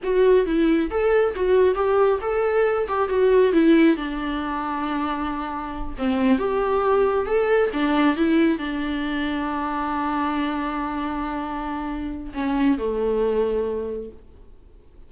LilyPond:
\new Staff \with { instrumentName = "viola" } { \time 4/4 \tempo 4 = 136 fis'4 e'4 a'4 fis'4 | g'4 a'4. g'8 fis'4 | e'4 d'2.~ | d'4. c'4 g'4.~ |
g'8 a'4 d'4 e'4 d'8~ | d'1~ | d'1 | cis'4 a2. | }